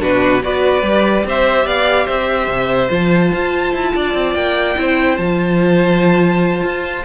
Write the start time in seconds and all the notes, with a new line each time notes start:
0.00 B2 D4 F#4 B4
0.43 B3 F#4 B4 D5
0.82 G3 G4
1.25 C4 C5 E5
1.66 B3 D5 F5
2.05 C4 C5 E5
2.48 C3
2.90 F3 F4 A5
3.33 F4
3.74 E4
3.96 D4 D5
4.14 C4
4.35 A#3 G5
4.76 C4 E4 C5
5.17 F3 F4 A5
6.64 F4